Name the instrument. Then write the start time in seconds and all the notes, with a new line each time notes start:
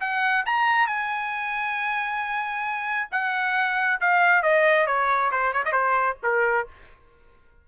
trumpet
0.00 F#5
0.45 A#5
0.86 G#5
3.11 F#5
4.00 F5
4.42 D#5
4.86 C#5
5.31 C5
5.53 C#5
5.65 D#5
5.72 C5
6.22 A#4